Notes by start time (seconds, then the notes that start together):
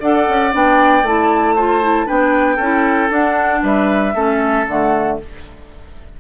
0.00 D4 A4 D5 F#5
0.28 C#4
0.51 B3 D4 G5
1.02 A3 E4 A5
1.55 F4 C5
1.81 E4
2.06 B3 D4 B4 G5
2.56 C#4 E4 A4
3.09 D4 F#5
3.62 G3 B4 E5
4.14 A3 C#4 A4
4.67 D3 A3 F#5